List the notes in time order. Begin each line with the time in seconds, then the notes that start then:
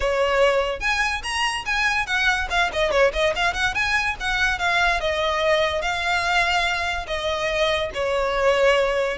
0.00 C#5
0.80 G#5
1.23 A#5
1.65 G#5
2.06 F#5
2.50 F5
2.72 D#5
2.91 C#5
3.13 D#5
3.35 F5
3.53 F#5
3.74 G#5
4.20 F#5
4.58 F5
5.00 D#5
5.81 F5
7.07 D#5
7.94 C#5